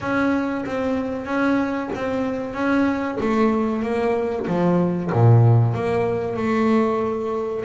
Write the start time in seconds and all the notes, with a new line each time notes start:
0.00 C#4
0.65 C4
1.25 C#4
1.94 C4
2.53 C#4
3.20 A3
3.82 A#3
4.47 F3
5.12 A#2
5.74 A#3
6.36 A3